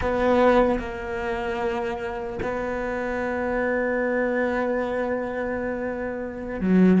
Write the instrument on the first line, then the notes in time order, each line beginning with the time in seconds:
cello
0.01 B3
0.79 A#3
2.42 B3
6.60 F#3